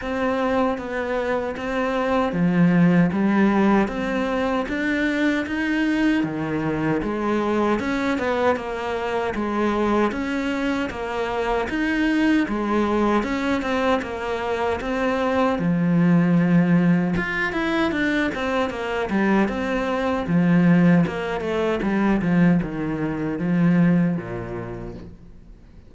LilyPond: \new Staff \with { instrumentName = "cello" } { \time 4/4 \tempo 4 = 77 c'4 b4 c'4 f4 | g4 c'4 d'4 dis'4 | dis4 gis4 cis'8 b8 ais4 | gis4 cis'4 ais4 dis'4 |
gis4 cis'8 c'8 ais4 c'4 | f2 f'8 e'8 d'8 c'8 | ais8 g8 c'4 f4 ais8 a8 | g8 f8 dis4 f4 ais,4 | }